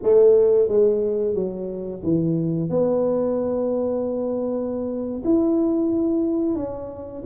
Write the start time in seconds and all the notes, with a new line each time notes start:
0.02 A3
0.68 G#3
1.34 F#3
2.03 E3
2.69 B3
5.24 E4
6.55 C#4